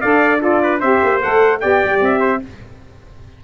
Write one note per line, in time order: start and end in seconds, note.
0.00 0.82 D4
0.00 0.39 A4
0.00 0.41 D5
0.00 0.40 F5
0.39 0.79 F4
0.39 0.61 A4
0.39 0.80 D5
0.63 0.80 B4
0.80 1.02 C4
0.80 1.22 G4
0.80 1.60 C5
0.80 1.21 E5
1.03 1.23 A#3
1.22 1.63 A3
1.22 1.61 A4
1.22 1.60 F#5
1.60 1.84 B3
1.60 2.41 G4
1.60 2.20 D5
1.60 2.00 G5
1.85 2.01 G3
2.01 2.41 C4
2.01 2.44 E5
2.20 2.40 C5